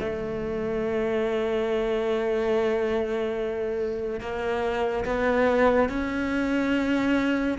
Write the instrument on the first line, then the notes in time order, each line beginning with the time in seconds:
cello
0.00 A3
4.20 A#3
5.05 B3
5.89 C#4